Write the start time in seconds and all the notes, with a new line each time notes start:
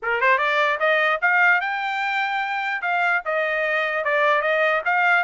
0.02 A#4
0.21 C5
0.38 D5
0.79 D#5
1.21 F5
1.61 G5
2.81 F5
3.25 D#5
4.04 D5
4.41 D#5
4.85 F5